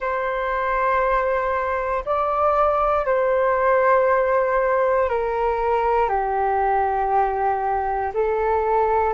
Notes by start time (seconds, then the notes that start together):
0.00 C5
2.05 D5
3.05 C5
5.08 A#4
6.08 G4
8.14 A4